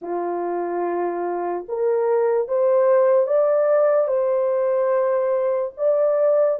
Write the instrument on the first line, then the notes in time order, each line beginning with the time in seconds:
horn
0.01 F4
1.68 A#4
2.47 C5
3.27 D5
4.07 C5
5.77 D5